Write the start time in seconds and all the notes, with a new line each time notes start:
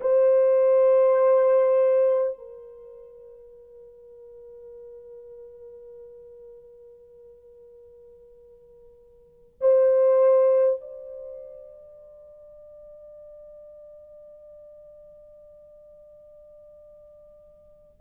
0.00 C5
2.37 A#4
9.60 C5
10.80 D5